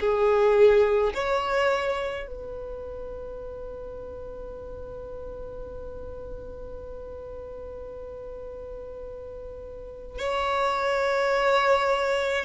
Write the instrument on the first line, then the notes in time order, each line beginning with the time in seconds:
violin
0.00 G#4
1.14 C#5
2.27 B4
10.18 C#5